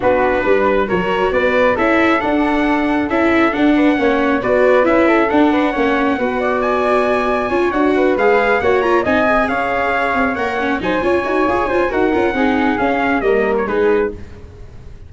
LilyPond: <<
  \new Staff \with { instrumentName = "trumpet" } { \time 4/4 \tempo 4 = 136 b'2 cis''4 d''4 | e''4 fis''2 e''4 | fis''2 d''4 e''4 | fis''2. gis''4~ |
gis''4. fis''4 f''4 fis''8 | ais''8 gis''4 f''2 fis''8~ | fis''8 gis''2~ gis''8 fis''4~ | fis''4 f''4 dis''8. cis''16 b'4 | }
  \new Staff \with { instrumentName = "flute" } { \time 4/4 fis'4 b'4 ais'4 b'4 | a'1~ | a'8 b'8 cis''4 b'4. a'8~ | a'8 b'8 cis''4 b'8 d''4.~ |
d''4 cis''4 b'4. cis''8~ | cis''8 dis''4 cis''2~ cis''8~ | cis''8 c''8 cis''4. c''8 ais'4 | gis'2 ais'4 gis'4 | }
  \new Staff \with { instrumentName = "viola" } { \time 4/4 d'2 fis'2 | e'4 d'2 e'4 | d'4 cis'4 fis'4 e'4 | d'4 cis'4 fis'2~ |
fis'4 f'8 fis'4 gis'4 fis'8 | f'8 dis'8 gis'2~ gis'8 ais'8 | cis'8 dis'8 f'8 fis'8 gis'8 f'8 fis'8 f'8 | dis'4 cis'4 ais4 dis'4 | }
  \new Staff \with { instrumentName = "tuba" } { \time 4/4 b4 g4 fis4 b4 | cis'4 d'2 cis'4 | d'4 ais4 b4 cis'4 | d'4 ais4 b2~ |
b4 cis'8 d'4 gis4 ais8~ | ais8 c'4 cis'4. c'8 ais8~ | ais8 fis8 cis'8 dis'8 f'8 cis'8 dis'8 cis'8 | c'4 cis'4 g4 gis4 | }
>>